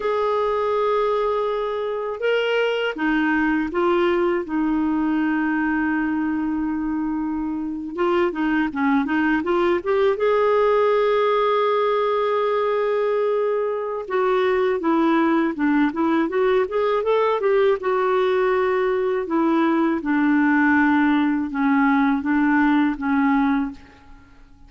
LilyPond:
\new Staff \with { instrumentName = "clarinet" } { \time 4/4 \tempo 4 = 81 gis'2. ais'4 | dis'4 f'4 dis'2~ | dis'2~ dis'8. f'8 dis'8 cis'16~ | cis'16 dis'8 f'8 g'8 gis'2~ gis'16~ |
gis'2. fis'4 | e'4 d'8 e'8 fis'8 gis'8 a'8 g'8 | fis'2 e'4 d'4~ | d'4 cis'4 d'4 cis'4 | }